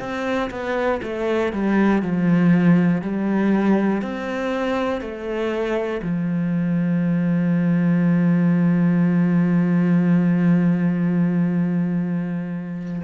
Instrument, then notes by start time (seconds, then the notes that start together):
cello
0.00 C4
0.51 B3
1.03 A3
1.53 G3
2.03 F3
3.02 G3
4.02 C4
5.02 A3
6.03 F3